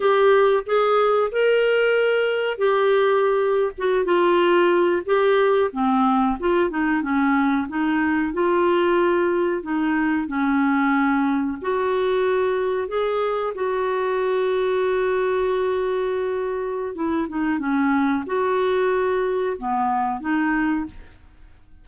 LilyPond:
\new Staff \with { instrumentName = "clarinet" } { \time 4/4 \tempo 4 = 92 g'4 gis'4 ais'2 | g'4.~ g'16 fis'8 f'4. g'16~ | g'8. c'4 f'8 dis'8 cis'4 dis'16~ | dis'8. f'2 dis'4 cis'16~ |
cis'4.~ cis'16 fis'2 gis'16~ | gis'8. fis'2.~ fis'16~ | fis'2 e'8 dis'8 cis'4 | fis'2 b4 dis'4 | }